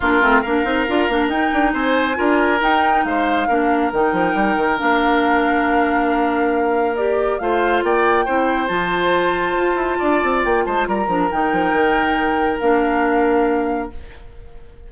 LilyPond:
<<
  \new Staff \with { instrumentName = "flute" } { \time 4/4 \tempo 4 = 138 ais'4 f''2 g''4 | gis''2 g''4 f''4~ | f''4 g''2 f''4~ | f''1 |
d''4 f''4 g''2 | a''1 | g''8 a''8 ais''4 g''2~ | g''4 f''2. | }
  \new Staff \with { instrumentName = "oboe" } { \time 4/4 f'4 ais'2. | c''4 ais'2 c''4 | ais'1~ | ais'1~ |
ais'4 c''4 d''4 c''4~ | c''2. d''4~ | d''8 c''8 ais'2.~ | ais'1 | }
  \new Staff \with { instrumentName = "clarinet" } { \time 4/4 d'8 c'8 d'8 dis'8 f'8 d'8 dis'4~ | dis'4 f'4 dis'2 | d'4 dis'2 d'4~ | d'1 |
g'4 f'2 e'4 | f'1~ | f'4. d'8 dis'2~ | dis'4 d'2. | }
  \new Staff \with { instrumentName = "bassoon" } { \time 4/4 ais8 a8 ais8 c'8 d'8 ais8 dis'8 d'8 | c'4 d'4 dis'4 gis4 | ais4 dis8 f8 g8 dis8 ais4~ | ais1~ |
ais4 a4 ais4 c'4 | f2 f'8 e'8 d'8 c'8 | ais8 gis8 g8 f8 dis8 f8 dis4~ | dis4 ais2. | }
>>